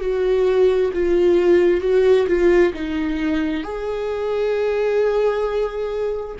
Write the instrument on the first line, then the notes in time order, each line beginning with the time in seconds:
viola
0.00 F#4
0.93 F4
1.81 F#4
2.27 F4
2.73 D#4
3.63 G#4